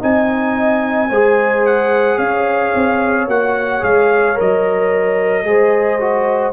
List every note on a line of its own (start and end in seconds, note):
0.00 1.10 C4
0.00 1.09 D#4
0.00 1.10 D#5
0.00 1.66 G#5
1.10 2.18 G#3
1.10 3.29 G#4
1.10 2.18 C5
1.66 2.19 F#5
2.18 2.73 C#4
2.18 5.46 C#5
2.18 3.28 F5
2.75 3.28 C4
3.28 3.82 A#3
3.28 3.81 F#4
3.28 3.84 F#5
3.81 4.37 G#3
3.81 4.35 G#4
3.81 4.39 F5
4.35 5.45 F#3
4.35 5.44 A#4
4.35 6.53 D#5
5.45 6.53 G#3
5.45 5.99 G#4
5.45 6.53 C5
6.01 6.53 F#4